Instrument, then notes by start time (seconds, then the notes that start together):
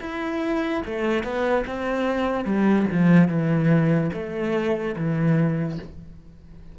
cello
0.00 E4
0.85 A3
1.23 B3
1.66 C4
2.44 G3
2.91 F3
3.28 E3
4.12 A3
4.96 E3